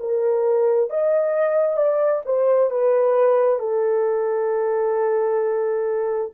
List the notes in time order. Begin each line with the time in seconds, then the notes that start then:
0.00 A#4
0.90 D#5
1.77 D5
2.26 C5
2.71 B4
3.60 A4